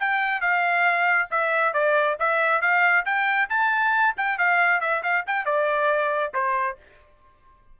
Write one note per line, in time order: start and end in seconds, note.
0.00 0.41 G5
0.41 1.29 F5
1.31 1.74 E5
1.74 2.17 D5
2.19 2.62 E5
2.62 3.05 F5
3.05 3.49 G5
3.50 4.15 A5
4.17 4.38 G5
4.38 4.81 F5
4.81 5.03 E5
5.03 5.25 F5
5.27 5.45 G5
5.45 6.33 D5
6.34 6.78 C5